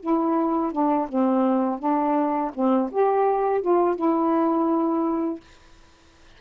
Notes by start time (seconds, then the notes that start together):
0.00 E4
0.72 D4
1.08 C4
1.79 D4
2.54 C4
2.91 G4
3.61 F4
3.96 E4